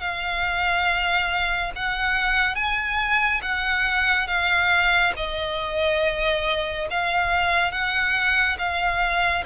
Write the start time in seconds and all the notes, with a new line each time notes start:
0.00 F5
1.75 F#5
2.55 G#5
3.42 F#5
4.27 F5
5.16 D#5
6.90 F5
7.71 F#5
8.58 F5